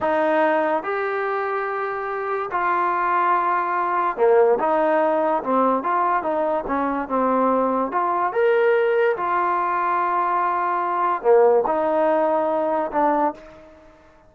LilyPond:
\new Staff \with { instrumentName = "trombone" } { \time 4/4 \tempo 4 = 144 dis'2 g'2~ | g'2 f'2~ | f'2 ais4 dis'4~ | dis'4 c'4 f'4 dis'4 |
cis'4 c'2 f'4 | ais'2 f'2~ | f'2. ais4 | dis'2. d'4 | }